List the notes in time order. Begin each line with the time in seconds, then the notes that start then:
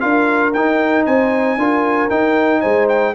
0.00 D4 F4 A#4 F5
0.53 D#4 G5
1.05 C4 C5 G#5
1.57 D4 F4 A#4
2.10 D#4 G5
2.60 G#3 C5 G#5
2.88 G5